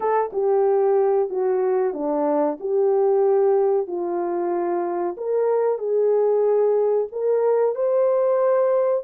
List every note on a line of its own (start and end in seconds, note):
0.00 0.31 A4
0.32 1.29 G4
1.29 1.93 F#4
1.93 2.58 D4
2.60 3.87 G4
3.87 5.16 F4
5.17 5.78 A#4
5.78 7.07 G#4
7.12 7.75 A#4
7.75 9.04 C5